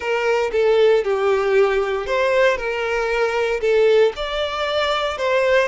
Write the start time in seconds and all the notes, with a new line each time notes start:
0.00 A#4
0.52 A4
1.03 G4
2.06 C5
2.57 A#4
3.60 A4
4.16 D5
5.17 C5